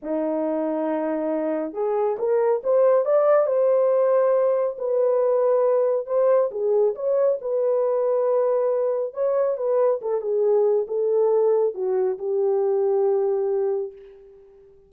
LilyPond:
\new Staff \with { instrumentName = "horn" } { \time 4/4 \tempo 4 = 138 dis'1 | gis'4 ais'4 c''4 d''4 | c''2. b'4~ | b'2 c''4 gis'4 |
cis''4 b'2.~ | b'4 cis''4 b'4 a'8 gis'8~ | gis'4 a'2 fis'4 | g'1 | }